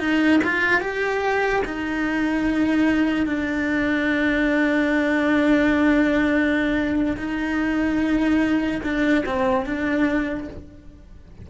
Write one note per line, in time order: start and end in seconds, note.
0.00 0.41 D#4
0.44 0.81 F4
0.81 1.63 G4
1.66 3.27 D#4
3.27 7.17 D4
7.17 8.82 D#4
8.84 9.25 D4
9.26 9.66 C4
9.66 10.48 D4